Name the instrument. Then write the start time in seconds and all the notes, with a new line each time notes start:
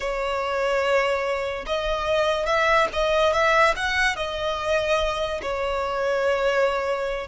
violin
0.00 C#5
1.66 D#5
2.45 E5
2.92 D#5
3.32 E5
3.76 F#5
4.16 D#5
5.42 C#5